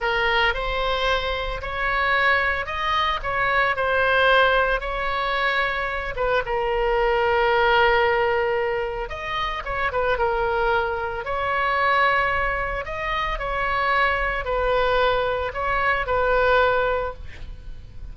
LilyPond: \new Staff \with { instrumentName = "oboe" } { \time 4/4 \tempo 4 = 112 ais'4 c''2 cis''4~ | cis''4 dis''4 cis''4 c''4~ | c''4 cis''2~ cis''8 b'8 | ais'1~ |
ais'4 dis''4 cis''8 b'8 ais'4~ | ais'4 cis''2. | dis''4 cis''2 b'4~ | b'4 cis''4 b'2 | }